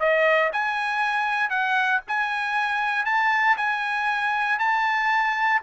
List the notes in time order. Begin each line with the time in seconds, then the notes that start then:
0.00 D#5
0.53 G#5
1.50 F#5
2.08 G#5
3.06 A5
3.58 G#5
4.59 A5